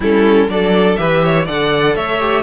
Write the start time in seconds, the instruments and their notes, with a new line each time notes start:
0.00 cello G3, viola C#4, violin E4 A4
0.48 cello F#3, viola D4, violin A4 D5
0.96 cello E3, viola G4, violin B4 E5
1.24 violin C#5
1.45 cello D3, viola A4, violin D5 F#5
1.94 cello A3, violin C#5 E5
2.20 viola G4